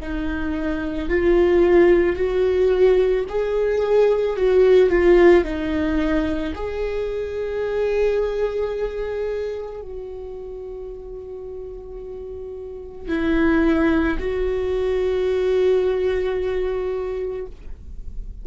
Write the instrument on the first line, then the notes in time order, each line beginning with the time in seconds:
viola
0.00 D#4
1.09 F4
2.16 F#4
3.28 G#4
4.36 F#4
4.89 F4
5.44 D#4
6.55 G#4
9.81 F#4
13.08 E4
14.19 F#4